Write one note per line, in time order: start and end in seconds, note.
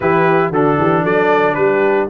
0.00 0.50 E3
0.00 0.53 E4
0.00 0.51 G4
0.00 0.52 B4
0.50 0.77 D3
0.50 2.09 D4
0.50 0.78 F#4
0.50 1.05 A4
0.78 1.04 E3
0.78 1.03 G4
1.03 1.56 F#3
1.03 1.56 A4
1.03 1.54 D5
1.54 2.09 G3
1.54 2.09 G4
1.54 2.07 B4